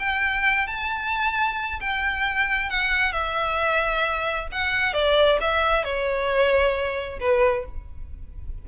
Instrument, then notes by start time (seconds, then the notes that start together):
violin
0.00 G5
0.67 A5
1.80 G5
2.70 F#5
3.13 E5
4.52 F#5
4.94 D5
5.41 E5
5.85 C#5
7.20 B4